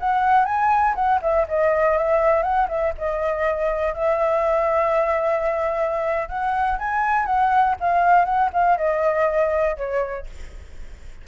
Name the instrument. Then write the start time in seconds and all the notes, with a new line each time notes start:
flute
0.00 F#5
0.46 G#5
0.95 F#5
1.22 E5
1.49 D#5
1.98 E5
2.43 F#5
2.69 E5
2.98 D#5
3.94 E5
6.29 F#5
6.79 G#5
7.26 F#5
7.81 F5
8.25 F#5
8.53 F5
8.78 D#5
9.77 C#5